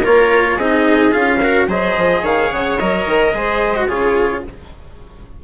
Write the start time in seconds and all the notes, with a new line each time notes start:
0.00 A#3 F4 A#4 C#5
0.55 C4 D#4 G#4 D#5
1.11 C#4 F4 F5
1.40 F#4 A#4
1.67 F#3 G#4 C5 D#5
1.96 F3
2.22 D#3 C#5 F5
2.51 C#3 F#5
2.78 F#3 A#4 D#5
3.05 D#3
3.33 G#3 G#4 C5
3.75 F#4
3.87 C#3 F4 G#4 C#5